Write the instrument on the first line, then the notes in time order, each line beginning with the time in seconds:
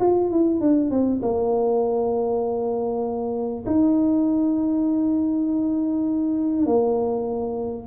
tuba
0.00 F4
0.30 E4
0.60 D4
0.90 C4
1.22 A#3
3.66 D#4
6.66 A#3